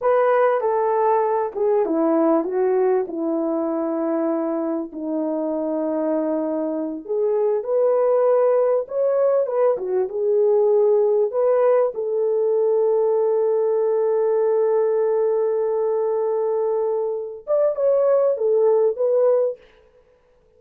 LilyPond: \new Staff \with { instrumentName = "horn" } { \time 4/4 \tempo 4 = 98 b'4 a'4. gis'8 e'4 | fis'4 e'2. | dis'2.~ dis'8 gis'8~ | gis'8 b'2 cis''4 b'8 |
fis'8 gis'2 b'4 a'8~ | a'1~ | a'1~ | a'8 d''8 cis''4 a'4 b'4 | }